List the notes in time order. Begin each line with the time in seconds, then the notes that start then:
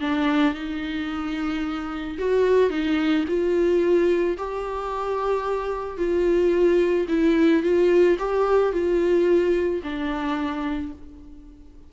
0.00 D4
0.54 D#4
2.18 F#4
2.70 D#4
3.28 F4
4.37 G4
5.97 F4
7.08 E4
7.62 F4
8.18 G4
8.72 F4
9.83 D4